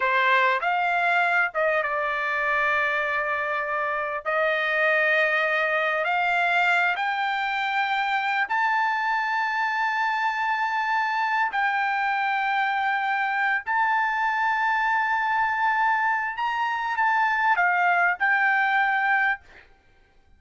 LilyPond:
\new Staff \with { instrumentName = "trumpet" } { \time 4/4 \tempo 4 = 99 c''4 f''4. dis''8 d''4~ | d''2. dis''4~ | dis''2 f''4. g''8~ | g''2 a''2~ |
a''2. g''4~ | g''2~ g''8 a''4.~ | a''2. ais''4 | a''4 f''4 g''2 | }